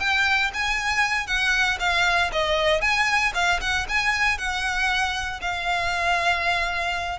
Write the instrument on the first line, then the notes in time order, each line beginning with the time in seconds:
violin
0.00 G5
0.54 G#5
1.27 F#5
1.80 F5
2.33 D#5
2.81 G#5
3.35 F5
3.61 F#5
3.89 G#5
4.38 F#5
5.42 F5